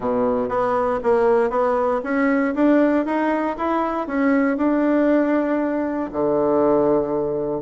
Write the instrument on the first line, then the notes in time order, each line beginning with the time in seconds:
bassoon
0.00 B2
0.48 B3
1.03 A#3
1.50 B3
2.03 C#4
2.54 D4
3.05 D#4
3.57 E4
4.07 C#4
4.57 D4
6.12 D3